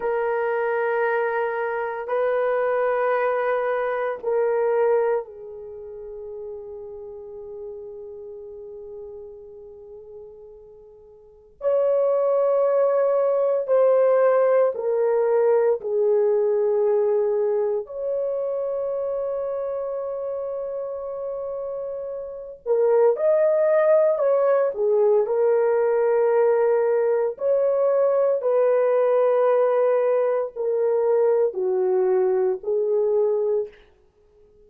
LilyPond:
\new Staff \with { instrumentName = "horn" } { \time 4/4 \tempo 4 = 57 ais'2 b'2 | ais'4 gis'2.~ | gis'2. cis''4~ | cis''4 c''4 ais'4 gis'4~ |
gis'4 cis''2.~ | cis''4. ais'8 dis''4 cis''8 gis'8 | ais'2 cis''4 b'4~ | b'4 ais'4 fis'4 gis'4 | }